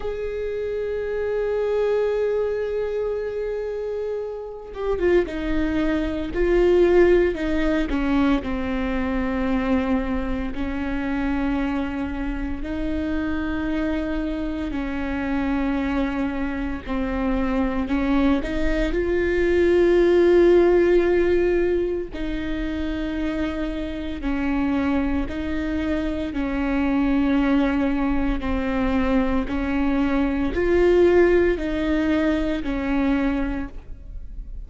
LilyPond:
\new Staff \with { instrumentName = "viola" } { \time 4/4 \tempo 4 = 57 gis'1~ | gis'8 g'16 f'16 dis'4 f'4 dis'8 cis'8 | c'2 cis'2 | dis'2 cis'2 |
c'4 cis'8 dis'8 f'2~ | f'4 dis'2 cis'4 | dis'4 cis'2 c'4 | cis'4 f'4 dis'4 cis'4 | }